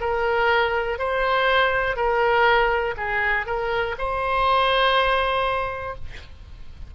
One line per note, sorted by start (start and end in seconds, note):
0.00 0.98 A#4
0.98 1.96 C5
1.96 2.94 A#4
2.96 3.46 G#4
3.46 3.95 A#4
3.98 5.95 C5